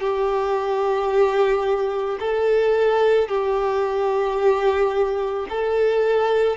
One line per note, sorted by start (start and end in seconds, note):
0.00 2.18 G4
2.20 3.28 A4
3.28 5.46 G4
5.49 6.57 A4